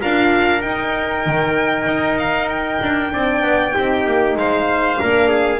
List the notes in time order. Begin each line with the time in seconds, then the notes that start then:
0.00 D4 F4 A#4 F5
0.60 D#4 G5
1.26 D#3
1.86 D#4
2.18 F5
2.48 G5
2.82 D4
3.11 C4 D4 D5
3.42 B3
3.72 C4 D#4 G4
4.06 A#3
4.35 G#3 C5 F5
4.97 A#3 D4 A#4
5.28 G#4